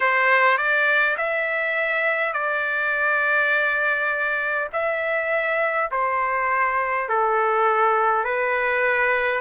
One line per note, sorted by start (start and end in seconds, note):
0.00 0.57 C5
0.57 1.16 D5
1.17 2.33 E5
2.33 4.68 D5
4.72 5.90 E5
5.91 7.09 C5
7.09 8.24 A4
8.24 9.40 B4